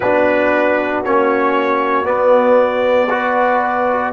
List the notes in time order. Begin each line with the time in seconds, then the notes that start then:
0.00 B3 D4 F#4 B4
1.03 A#3 C#4 C#5
2.04 B3 D5
3.10 F#4 B4